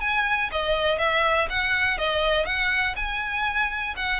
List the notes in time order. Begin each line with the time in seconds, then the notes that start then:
0.00 G#5
0.51 D#5
0.98 E5
1.49 F#5
1.97 D#5
2.45 F#5
2.95 G#5
3.96 F#5